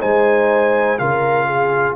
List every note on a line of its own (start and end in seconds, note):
0.00 1.00 G#3
0.00 0.98 D#4
0.00 0.99 C5
0.00 0.98 G#5
0.98 1.95 C#3
0.98 1.95 F4
0.98 1.47 A#4
0.98 1.95 F5
1.47 1.95 G#4